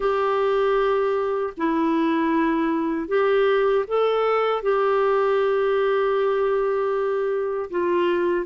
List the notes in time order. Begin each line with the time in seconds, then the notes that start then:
0.00 G4
1.57 E4
3.08 G4
3.87 A4
4.62 G4
7.70 F4